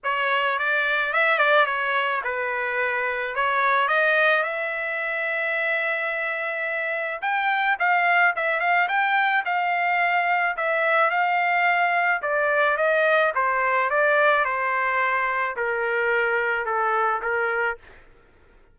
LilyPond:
\new Staff \with { instrumentName = "trumpet" } { \time 4/4 \tempo 4 = 108 cis''4 d''4 e''8 d''8 cis''4 | b'2 cis''4 dis''4 | e''1~ | e''4 g''4 f''4 e''8 f''8 |
g''4 f''2 e''4 | f''2 d''4 dis''4 | c''4 d''4 c''2 | ais'2 a'4 ais'4 | }